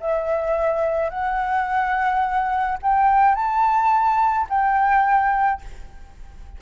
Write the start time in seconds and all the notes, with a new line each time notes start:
0.00 E5
1.10 F#5
2.82 G5
3.35 A5
4.49 G5